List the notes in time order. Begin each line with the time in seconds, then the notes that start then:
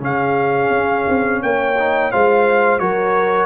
0.00 C#3 C#4 G#4 F5
0.70 C#4
1.08 C4
1.43 A#3 C#5 G5
1.79 D#4
2.11 G#3 F4 C5 F5
2.79 F#3 F#4 A#4 C#5